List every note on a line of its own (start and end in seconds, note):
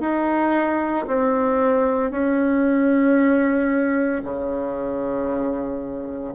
0.00 1.05 D#4
1.07 2.11 C4
2.11 4.22 C#4
4.23 6.34 C#3